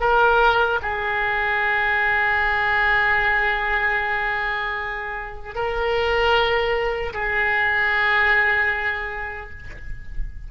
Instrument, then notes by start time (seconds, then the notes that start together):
oboe
0.00 A#4
0.82 G#4
5.55 A#4
7.13 G#4